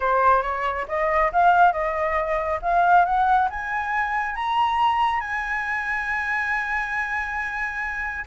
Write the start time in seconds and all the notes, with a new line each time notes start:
0.00 C5
0.42 C#5
0.88 D#5
1.32 F5
1.72 D#5
2.62 F5
3.05 F#5
3.50 G#5
4.35 A#5
5.20 G#5